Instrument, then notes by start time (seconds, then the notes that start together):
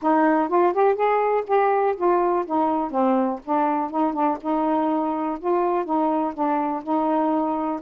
saxophone
0.02 D#4
0.48 F4
0.73 G4
0.95 G#4
1.46 G4
1.96 F4
2.46 D#4
2.90 C4
3.44 D4
3.90 D#4
4.13 D4
4.41 D#4
5.39 F4
5.84 D#4
6.33 D4
6.83 D#4